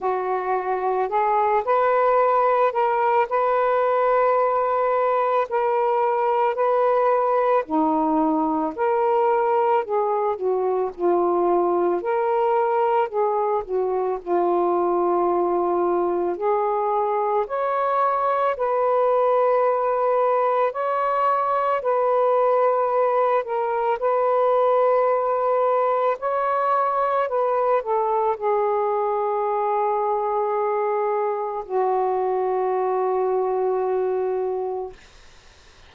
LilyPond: \new Staff \with { instrumentName = "saxophone" } { \time 4/4 \tempo 4 = 55 fis'4 gis'8 b'4 ais'8 b'4~ | b'4 ais'4 b'4 dis'4 | ais'4 gis'8 fis'8 f'4 ais'4 | gis'8 fis'8 f'2 gis'4 |
cis''4 b'2 cis''4 | b'4. ais'8 b'2 | cis''4 b'8 a'8 gis'2~ | gis'4 fis'2. | }